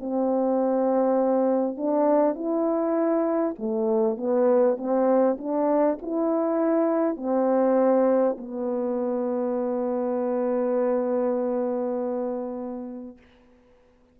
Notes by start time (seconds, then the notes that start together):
0.00 C4
1.77 D4
2.35 E4
3.58 A3
4.17 B3
4.77 C4
5.38 D4
6.02 E4
7.16 C4
8.38 B3